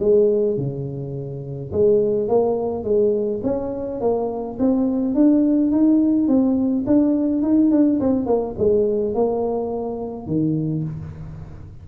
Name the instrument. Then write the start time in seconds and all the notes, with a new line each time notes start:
tuba
0.00 G#3
0.57 C#3
1.72 G#3
2.28 A#3
2.84 G#3
3.44 C#4
4.01 A#3
4.59 C4
5.15 D4
5.71 D#4
6.28 C4
6.87 D4
7.43 D#4
7.71 D4
8.01 C4
8.26 A#3
8.58 G#3
9.15 A#3
10.27 D#3